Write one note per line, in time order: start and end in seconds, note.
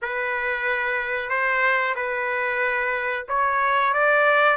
0.02 1.29 B4
1.29 1.94 C5
1.95 3.25 B4
3.28 3.93 C#5
3.93 4.56 D5